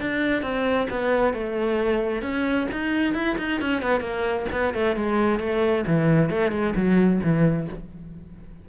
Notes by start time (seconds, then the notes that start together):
0.00 D4
0.42 C4
0.90 B3
1.33 A3
2.22 C#4
2.72 D#4
3.14 E4
3.38 D#4
3.60 C#4
3.82 B3
4.00 A#3
4.52 B3
4.73 A3
4.96 G#3
5.40 A3
5.86 E3
6.30 A3
6.51 G#3
6.75 F#3
7.23 E3